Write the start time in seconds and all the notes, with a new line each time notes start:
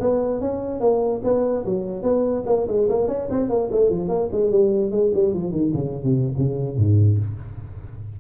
0.00 B3
0.41 C#4
0.80 A#3
1.24 B3
1.65 F#3
2.02 B3
2.46 A#3
2.67 G#3
2.89 A#3
3.08 C#4
3.30 C4
3.49 A#3
3.71 A3
3.90 F3
4.08 A#3
4.32 G#3
4.51 G3
4.91 G#3
5.14 G3
5.34 F3
5.51 D#3
5.74 C#3
6.04 C3
6.37 C#3
6.77 G#2